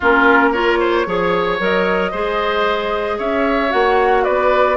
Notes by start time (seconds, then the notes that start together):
0.00 A#3 C#4 F4 A#4
0.51 F4 A#4 C#5
0.79 C5
1.06 F3 G#4 C#5
1.59 F#3 A#4 D#5
2.11 G#3 G#4 C5
3.17 C#4 C#5 E5
3.69 A#3 F#4 F#5
4.24 B3 B4 D5